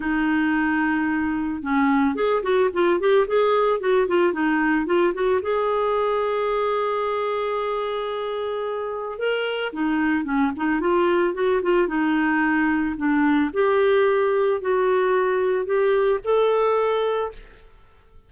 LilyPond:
\new Staff \with { instrumentName = "clarinet" } { \time 4/4 \tempo 4 = 111 dis'2. cis'4 | gis'8 fis'8 f'8 g'8 gis'4 fis'8 f'8 | dis'4 f'8 fis'8 gis'2~ | gis'1~ |
gis'4 ais'4 dis'4 cis'8 dis'8 | f'4 fis'8 f'8 dis'2 | d'4 g'2 fis'4~ | fis'4 g'4 a'2 | }